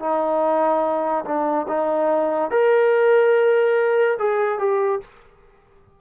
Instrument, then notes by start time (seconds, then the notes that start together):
trombone
0.00 D#4
1.25 D4
1.68 D#4
2.52 A#4
4.19 G#4
4.59 G4